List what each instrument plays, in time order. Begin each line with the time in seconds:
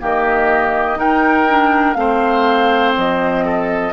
0.00 bassoon D#3, clarinet A#3, oboe G4, flute D#5
0.96 clarinet D#4, bassoon D#4, oboe A#4, flute G5
1.49 clarinet D4
1.94 bassoon A3, clarinet C4, oboe C5, flute F5
2.97 bassoon F3, flute D#5
3.45 oboe A4